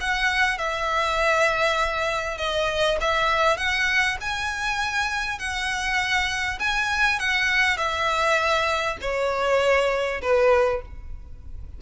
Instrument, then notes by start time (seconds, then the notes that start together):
violin
0.00 F#5
0.58 E5
2.37 D#5
3.01 E5
3.57 F#5
4.20 G#5
5.38 F#5
6.59 G#5
7.19 F#5
7.77 E5
9.01 C#5
10.21 B4